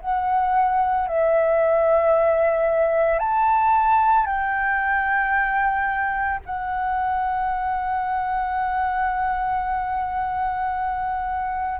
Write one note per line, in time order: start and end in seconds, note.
0.00 1.07 F#5
1.07 3.19 E5
3.19 4.26 A5
4.26 6.40 G5
6.45 11.80 F#5